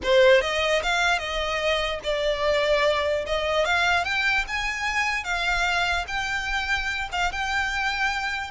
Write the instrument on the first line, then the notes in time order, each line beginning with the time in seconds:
violin
0.03 C5
0.41 D#5
0.83 F5
1.18 D#5
2.03 D5
3.26 D#5
3.65 F5
4.04 G5
4.47 G#5
5.24 F5
6.07 G5
7.11 F5
7.32 G5